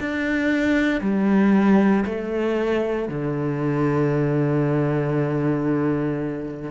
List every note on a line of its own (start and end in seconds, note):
0.00 1.01 D4
1.01 2.05 G3
2.05 3.08 A3
3.09 6.71 D3